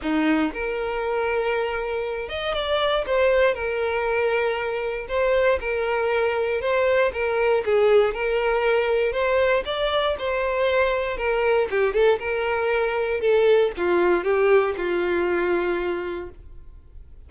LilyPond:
\new Staff \with { instrumentName = "violin" } { \time 4/4 \tempo 4 = 118 dis'4 ais'2.~ | ais'8 dis''8 d''4 c''4 ais'4~ | ais'2 c''4 ais'4~ | ais'4 c''4 ais'4 gis'4 |
ais'2 c''4 d''4 | c''2 ais'4 g'8 a'8 | ais'2 a'4 f'4 | g'4 f'2. | }